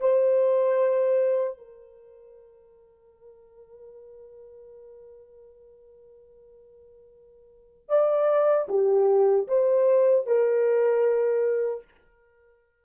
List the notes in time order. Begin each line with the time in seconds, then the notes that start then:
0.00 C5
1.57 A#4
7.89 D5
8.68 G4
9.47 C5
10.26 A#4